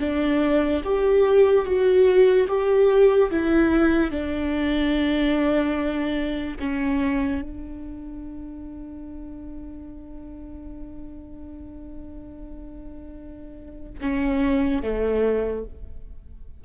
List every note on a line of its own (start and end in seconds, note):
0.00 0.82 D4
0.84 1.66 G4
1.66 2.48 F#4
2.48 3.31 G4
3.31 4.11 E4
4.11 6.58 D4
6.60 7.42 C#4
7.42 14.00 D4
14.01 14.83 C#4
14.83 15.65 A3